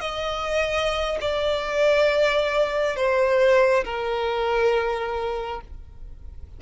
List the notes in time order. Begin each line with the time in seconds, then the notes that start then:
0.00 D#5
1.21 D5
2.96 C5
3.84 A#4